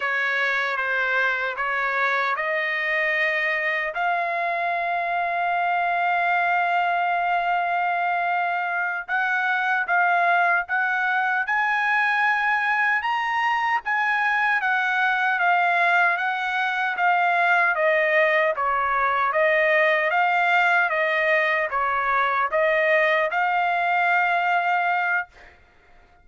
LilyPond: \new Staff \with { instrumentName = "trumpet" } { \time 4/4 \tempo 4 = 76 cis''4 c''4 cis''4 dis''4~ | dis''4 f''2.~ | f''2.~ f''8 fis''8~ | fis''8 f''4 fis''4 gis''4.~ |
gis''8 ais''4 gis''4 fis''4 f''8~ | f''8 fis''4 f''4 dis''4 cis''8~ | cis''8 dis''4 f''4 dis''4 cis''8~ | cis''8 dis''4 f''2~ f''8 | }